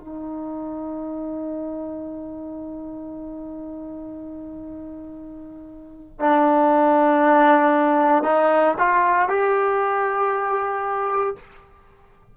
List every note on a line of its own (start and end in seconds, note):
0.00 6.20 D#4
6.20 8.23 D4
8.23 8.75 D#4
8.78 9.29 F4
9.29 11.36 G4